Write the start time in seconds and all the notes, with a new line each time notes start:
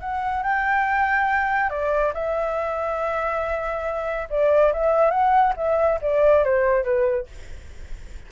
0.00 F#5
0.43 G5
1.70 D5
2.14 E5
4.30 D5
4.73 E5
5.10 F#5
5.56 E5
6.01 D5
6.44 C5
6.84 B4